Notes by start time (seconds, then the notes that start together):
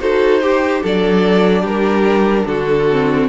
0.00 D#4 F#4 A4 C5
0.42 G4
0.83 F#3 D4 A4 D5
1.62 G3 G4 A#4
2.46 D3 F#4 A4
2.92 C4